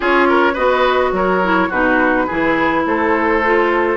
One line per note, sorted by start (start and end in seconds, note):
0.00 0.56 C#4
0.00 0.54 F4
0.00 0.27 G#4
0.00 0.55 C#5
0.29 0.53 A#4
0.53 1.12 B3
0.53 1.42 F#4
0.53 1.10 B4
0.53 1.12 D#5
1.12 1.69 F#3
1.12 1.68 A#4
1.12 1.71 C#5
1.42 1.71 E4
1.68 2.27 B2
1.68 2.28 D#4
1.68 2.26 F#4
1.68 2.85 B4
2.26 2.85 E3
2.26 3.43 E4
2.26 2.83 G#4
2.85 3.97 A3
2.85 3.97 A4
2.85 3.97 C5
3.43 3.97 F4